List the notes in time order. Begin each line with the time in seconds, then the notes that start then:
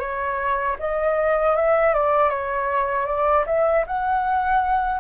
0.00 C#5
0.80 D#5
1.56 E5
1.94 D5
2.30 C#5
3.07 D5
3.47 E5
3.87 F#5